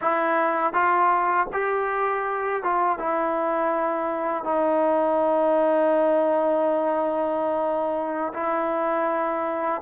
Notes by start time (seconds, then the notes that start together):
0.01 E4
0.73 F4
1.53 G4
2.63 F4
2.98 E4
4.44 D#4
8.33 E4